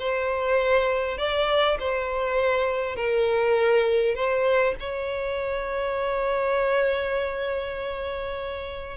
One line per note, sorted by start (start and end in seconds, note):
0.00 1.18 C5
1.18 1.78 D5
1.80 2.96 C5
2.96 4.15 A#4
4.15 4.75 C5
4.80 8.98 C#5